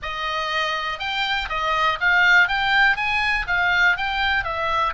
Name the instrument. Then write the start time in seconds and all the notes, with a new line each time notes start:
oboe
0.02 D#5
0.99 G5
1.49 D#5
2.00 F5
2.48 G5
2.96 G#5
3.47 F5
3.96 G5
4.44 E5